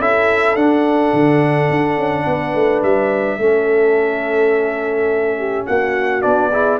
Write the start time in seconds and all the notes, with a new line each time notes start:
0.00 C#4 E4 A4 E5
0.56 D4 F#5
1.14 D3
1.70 D4
1.98 C#4
2.27 B3 B4
2.55 A3
2.83 G3 E5
3.39 A3 C#4 A4
5.38 G4
5.67 A#3 F#4 F#5
6.22 B3 D4 D5
6.52 E4 G#4